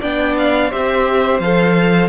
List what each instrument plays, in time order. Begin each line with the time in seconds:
0.00 cello B3, viola D4, violin D5 G5
0.37 violin F5
0.70 cello C4, viola G4, violin C5 E5
1.40 cello F3, viola A4, violin F5